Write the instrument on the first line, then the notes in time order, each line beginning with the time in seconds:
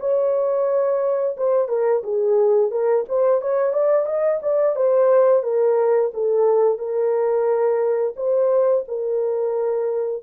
horn
0.00 C#5
1.37 C5
1.69 A#4
2.04 G#4
2.71 A#4
3.09 C5
3.42 C#5
3.73 D5
4.06 D#5
4.43 D5
4.76 C5
5.43 A#4
6.14 A4
6.78 A#4
8.16 C5
8.88 A#4